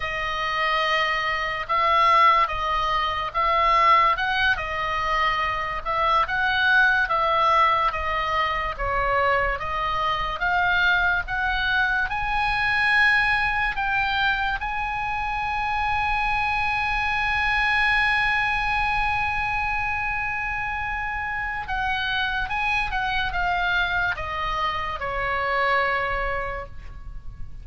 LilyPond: \new Staff \with { instrumentName = "oboe" } { \time 4/4 \tempo 4 = 72 dis''2 e''4 dis''4 | e''4 fis''8 dis''4. e''8 fis''8~ | fis''8 e''4 dis''4 cis''4 dis''8~ | dis''8 f''4 fis''4 gis''4.~ |
gis''8 g''4 gis''2~ gis''8~ | gis''1~ | gis''2 fis''4 gis''8 fis''8 | f''4 dis''4 cis''2 | }